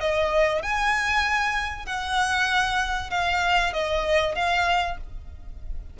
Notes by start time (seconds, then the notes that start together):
0.00 D#5
0.62 G#5
1.86 F#5
3.10 F5
3.72 D#5
4.35 F5